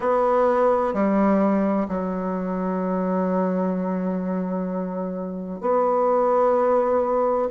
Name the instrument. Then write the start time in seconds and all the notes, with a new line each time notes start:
bassoon
0.00 B3
0.93 G3
1.88 F#3
5.60 B3